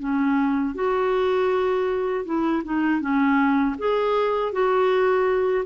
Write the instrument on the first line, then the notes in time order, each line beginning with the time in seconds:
clarinet
0.00 C#4
0.75 F#4
2.26 E4
2.65 D#4
3.01 C#4
3.79 G#4
4.53 F#4